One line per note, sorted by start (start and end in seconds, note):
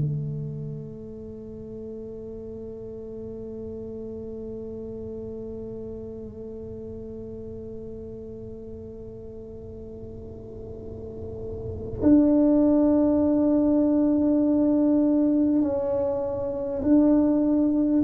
0.00 12.00 A3
12.02 15.62 D4
15.62 16.82 C#4
16.83 18.03 D4